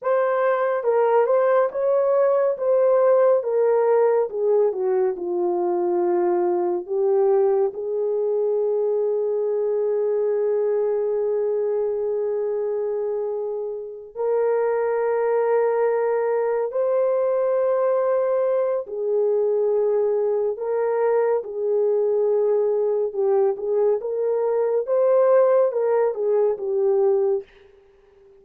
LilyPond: \new Staff \with { instrumentName = "horn" } { \time 4/4 \tempo 4 = 70 c''4 ais'8 c''8 cis''4 c''4 | ais'4 gis'8 fis'8 f'2 | g'4 gis'2.~ | gis'1~ |
gis'8 ais'2. c''8~ | c''2 gis'2 | ais'4 gis'2 g'8 gis'8 | ais'4 c''4 ais'8 gis'8 g'4 | }